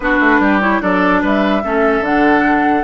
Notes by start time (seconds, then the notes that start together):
0.00 B3 D4 F#4 B4
0.19 A3
0.39 G3 G4
0.61 E4 C#5
0.81 F#3 D4 A4 D5
1.21 G3 B4 E5
1.63 A3 C#4 A4
2.00 D3 D4 F#5